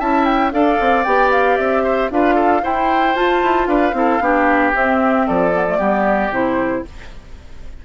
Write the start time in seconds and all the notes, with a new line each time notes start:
0.00 C#4 E4 E5 A5
0.25 G5
0.52 D4 A4 D5 F5
0.81 C4
1.04 B3 G4 G5
1.32 F5
1.58 C4 E5
1.84 C5
2.11 D4 F4 B4 F5
2.35 A4
2.62 E4 C5 G5
3.15 F4 A5
3.43 E4
3.67 D4 B4 F5
3.93 C4 E4 A4
4.21 B3 D4 G4
4.74 C4 E5
5.27 F3 A4 D5
5.53 B3
5.68 A3
5.78 G3 B3 G4
6.31 C3 E4 C5